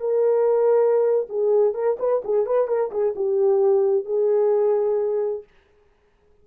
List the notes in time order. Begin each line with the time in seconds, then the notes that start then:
0.00 A#4
1.29 G#4
1.74 A#4
1.99 B4
2.24 G#4
2.46 B4
2.67 A#4
2.91 G#4
3.15 G4
4.05 G#4